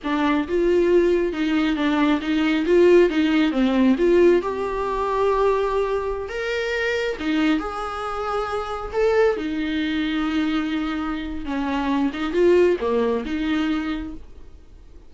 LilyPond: \new Staff \with { instrumentName = "viola" } { \time 4/4 \tempo 4 = 136 d'4 f'2 dis'4 | d'4 dis'4 f'4 dis'4 | c'4 f'4 g'2~ | g'2~ g'16 ais'4.~ ais'16~ |
ais'16 dis'4 gis'2~ gis'8.~ | gis'16 a'4 dis'2~ dis'8.~ | dis'2 cis'4. dis'8 | f'4 ais4 dis'2 | }